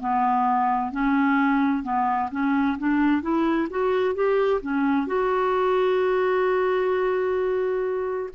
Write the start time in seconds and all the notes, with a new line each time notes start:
0.00 B3
0.91 C#4
1.83 B3
2.31 C#4
2.78 D4
3.21 E4
3.70 F#4
4.15 G4
4.61 C#4
5.06 F#4